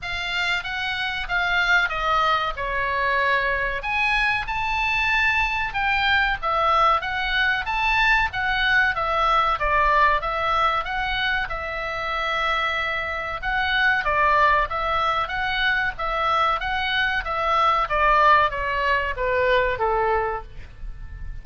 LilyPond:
\new Staff \with { instrumentName = "oboe" } { \time 4/4 \tempo 4 = 94 f''4 fis''4 f''4 dis''4 | cis''2 gis''4 a''4~ | a''4 g''4 e''4 fis''4 | a''4 fis''4 e''4 d''4 |
e''4 fis''4 e''2~ | e''4 fis''4 d''4 e''4 | fis''4 e''4 fis''4 e''4 | d''4 cis''4 b'4 a'4 | }